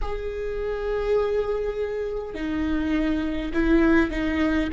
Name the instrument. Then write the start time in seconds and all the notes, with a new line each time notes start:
viola
0.01 G#4
2.34 D#4
3.53 E4
4.10 D#4